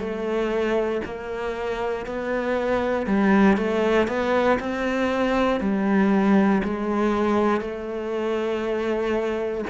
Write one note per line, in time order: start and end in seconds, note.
0.00 1.02 A3
1.05 2.07 A#3
2.07 3.07 B3
3.07 3.58 G3
3.58 4.08 A3
4.08 4.59 B3
4.60 5.61 C4
5.61 6.62 G3
6.64 7.61 G#3
7.61 9.65 A3